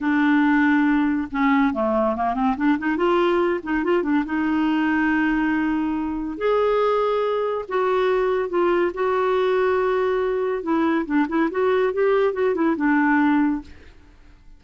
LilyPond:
\new Staff \with { instrumentName = "clarinet" } { \time 4/4 \tempo 4 = 141 d'2. cis'4 | a4 ais8 c'8 d'8 dis'8 f'4~ | f'8 dis'8 f'8 d'8 dis'2~ | dis'2. gis'4~ |
gis'2 fis'2 | f'4 fis'2.~ | fis'4 e'4 d'8 e'8 fis'4 | g'4 fis'8 e'8 d'2 | }